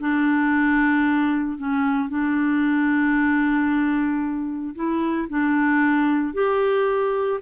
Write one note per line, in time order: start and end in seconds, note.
0.00 1.58 D4
1.58 2.09 C#4
2.09 4.75 D4
4.75 5.28 E4
5.30 6.34 D4
6.34 7.40 G4